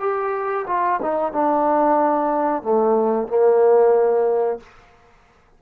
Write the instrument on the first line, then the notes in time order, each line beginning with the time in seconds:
trombone
0.00 G4
0.67 F4
1.02 D#4
1.33 D4
2.63 A3
3.28 A#3